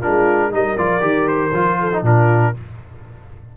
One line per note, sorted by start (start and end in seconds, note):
0.00 0.52 D4
0.00 0.50 F4
0.00 0.52 A#4
0.07 0.53 G#3
0.52 0.78 G3
0.52 0.77 D#4
0.52 1.80 A#4
0.52 0.78 D#5
0.78 1.02 F3
0.78 1.01 F4
0.78 1.28 D5
1.01 1.52 D#3
1.01 1.52 G4
1.28 2.04 C5
1.53 2.03 F3
1.53 1.92 F4
1.80 2.03 A4
1.93 2.04 D#4
2.03 2.53 A#2
2.03 2.55 D4
2.03 2.54 F4
2.03 2.57 A#4